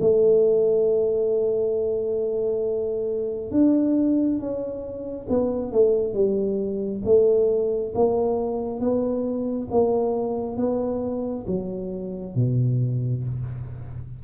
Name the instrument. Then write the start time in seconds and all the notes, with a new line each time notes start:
tuba
0.00 A3
3.51 D4
4.38 C#4
5.29 B3
5.72 A3
6.13 G3
7.04 A3
7.95 A#3
8.80 B3
9.70 A#3
10.56 B3
11.47 F#3
12.35 B2